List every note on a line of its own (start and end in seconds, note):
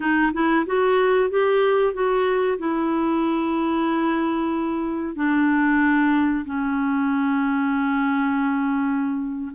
0.00 0.32 D#4
0.33 0.65 E4
0.66 1.30 F#4
1.30 1.93 G4
1.93 2.57 F#4
2.58 5.15 E4
5.15 6.44 D4
6.45 9.51 C#4